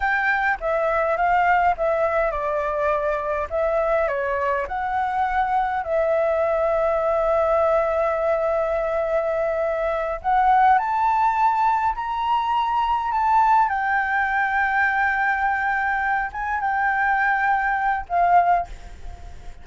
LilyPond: \new Staff \with { instrumentName = "flute" } { \time 4/4 \tempo 4 = 103 g''4 e''4 f''4 e''4 | d''2 e''4 cis''4 | fis''2 e''2~ | e''1~ |
e''4. fis''4 a''4.~ | a''8 ais''2 a''4 g''8~ | g''1 | gis''8 g''2~ g''8 f''4 | }